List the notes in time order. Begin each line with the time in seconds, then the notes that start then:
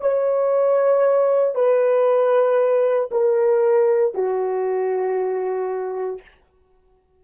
0.00 C#5
1.55 B4
3.11 A#4
4.14 F#4